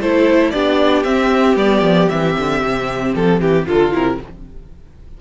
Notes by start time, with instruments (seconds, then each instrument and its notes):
0.00 cello A3, viola E4, violin A4 C5
0.50 cello B3, viola D4, violin G4 D5
1.03 cello C4, viola C4, violin E5
1.55 cello G3, viola B3, violin D5
1.81 cello F3
2.09 cello E3, viola C4, violin E5
2.38 cello D3
2.62 cello C3
3.15 cello F3, violin A4
3.40 cello E3, violin G4
3.65 cello D3, violin F4 A4, viola F4
3.91 cello C3, viola E4, violin A#4